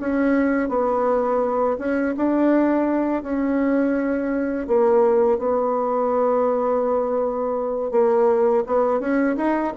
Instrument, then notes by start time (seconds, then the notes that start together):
bassoon
0.00 C#4
0.69 B3
1.79 C#4
2.17 D4
3.23 C#4
4.68 A#3
5.39 B3
7.92 A#3
8.67 B3
9.00 C#4
9.37 D#4